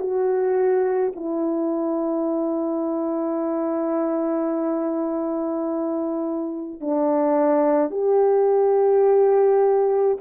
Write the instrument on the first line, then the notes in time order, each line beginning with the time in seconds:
horn
0.00 F#4
1.16 E4
6.81 D4
7.91 G4